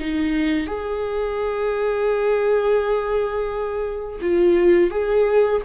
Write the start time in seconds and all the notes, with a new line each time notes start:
0.00 D#4
0.66 G#4
4.21 F4
4.91 G#4